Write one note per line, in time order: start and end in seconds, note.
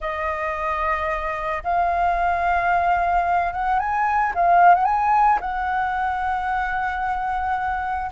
0.00 1.63 D#5
1.63 3.52 F5
3.52 3.79 F#5
3.79 4.33 G#5
4.34 4.74 F5
4.74 4.85 F#5
4.85 5.39 G#5
5.40 8.11 F#5